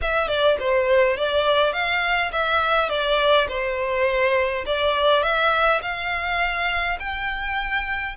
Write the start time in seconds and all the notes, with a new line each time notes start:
0.01 E5
0.28 D5
0.59 C5
1.16 D5
1.72 F5
2.31 E5
2.89 D5
3.48 C5
4.65 D5
5.22 E5
5.81 F5
6.99 G5